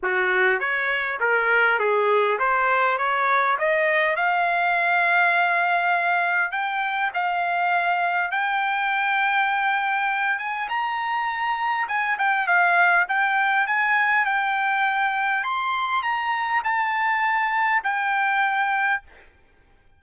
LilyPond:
\new Staff \with { instrumentName = "trumpet" } { \time 4/4 \tempo 4 = 101 fis'4 cis''4 ais'4 gis'4 | c''4 cis''4 dis''4 f''4~ | f''2. g''4 | f''2 g''2~ |
g''4. gis''8 ais''2 | gis''8 g''8 f''4 g''4 gis''4 | g''2 c'''4 ais''4 | a''2 g''2 | }